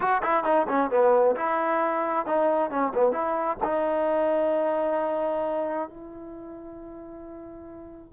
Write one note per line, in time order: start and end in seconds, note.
0.00 0.22 F#4
0.22 0.44 E4
0.44 0.66 D#4
0.68 0.90 C#4
0.90 1.35 B3
1.36 2.26 E4
2.26 2.70 D#4
2.70 2.92 C#4
2.94 3.12 B3
3.12 3.57 E4
3.63 5.88 D#4
5.89 8.12 E4